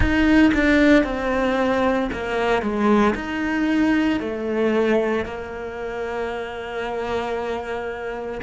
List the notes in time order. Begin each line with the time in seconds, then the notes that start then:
0.00 D#4
0.54 D4
1.03 C4
2.12 A#3
2.61 G#3
3.15 D#4
4.20 A3
5.25 A#3